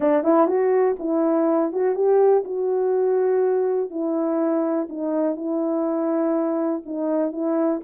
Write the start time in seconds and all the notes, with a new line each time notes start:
0.00 D4
0.23 E4
0.47 F#4
0.99 E4
1.72 F#4
1.95 G4
2.44 F#4
3.90 E4
4.89 D#4
5.35 E4
6.85 D#4
7.31 E4